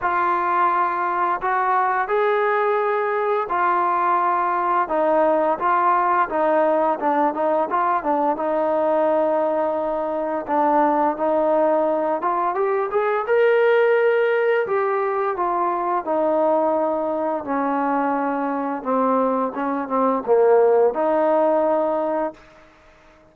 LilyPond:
\new Staff \with { instrumentName = "trombone" } { \time 4/4 \tempo 4 = 86 f'2 fis'4 gis'4~ | gis'4 f'2 dis'4 | f'4 dis'4 d'8 dis'8 f'8 d'8 | dis'2. d'4 |
dis'4. f'8 g'8 gis'8 ais'4~ | ais'4 g'4 f'4 dis'4~ | dis'4 cis'2 c'4 | cis'8 c'8 ais4 dis'2 | }